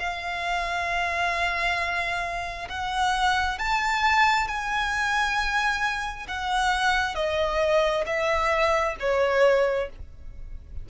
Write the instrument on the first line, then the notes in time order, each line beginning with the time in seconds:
violin
0.00 F5
2.69 F#5
3.59 A5
4.48 G#5
6.28 F#5
7.16 D#5
8.07 E5
9.00 C#5